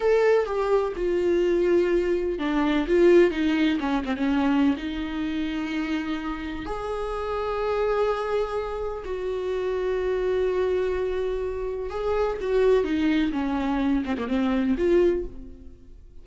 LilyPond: \new Staff \with { instrumentName = "viola" } { \time 4/4 \tempo 4 = 126 a'4 g'4 f'2~ | f'4 d'4 f'4 dis'4 | cis'8 c'16 cis'4~ cis'16 dis'2~ | dis'2 gis'2~ |
gis'2. fis'4~ | fis'1~ | fis'4 gis'4 fis'4 dis'4 | cis'4. c'16 ais16 c'4 f'4 | }